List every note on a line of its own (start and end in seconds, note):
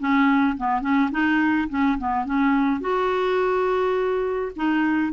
0.00 0.57 C#4
0.57 0.82 B3
0.82 1.10 C#4
1.12 1.69 D#4
1.70 1.98 C#4
1.99 2.26 B3
2.26 2.81 C#4
2.81 4.52 F#4
4.56 5.13 D#4